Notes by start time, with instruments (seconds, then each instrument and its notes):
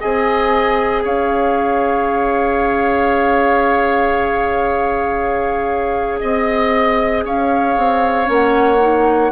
0.00 bassoon C4, clarinet G#4, oboe D#5, flute G#5
1.04 bassoon C#4, oboe C#5, flute F5
6.20 bassoon C4, flute D#5, oboe D#5
7.25 bassoon C#4, oboe C#5, flute F5
7.77 bassoon C4
8.25 bassoon A#3, clarinet C#4
8.32 flute F#5
8.80 clarinet D#4